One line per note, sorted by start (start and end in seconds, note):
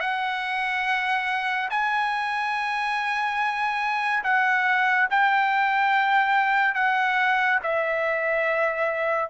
0.00 1.69 F#5
1.70 4.24 G#5
4.24 5.08 F#5
5.10 6.75 G5
6.75 7.59 F#5
7.63 9.30 E5